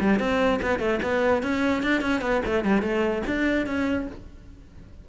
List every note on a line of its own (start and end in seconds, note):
0.00 0.19 G3
0.19 0.60 C4
0.62 0.79 B3
0.79 1.00 A3
1.02 1.43 B3
1.43 1.83 C#4
1.83 2.01 D4
2.01 2.21 C#4
2.21 2.42 B3
2.46 2.64 A3
2.64 2.82 G3
2.82 3.23 A3
3.27 3.66 D4
3.66 4.07 C#4